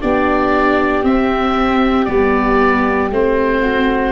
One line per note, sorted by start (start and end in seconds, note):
0.00 1.03 B3
0.00 1.02 D4
0.00 3.60 G4
0.00 1.04 D5
1.02 2.06 C4
1.02 2.05 E5
2.05 3.11 G3
2.05 3.10 B3
2.05 3.08 D5
3.11 4.12 A3
3.11 4.12 C4
3.11 4.12 C5
3.60 4.12 F#4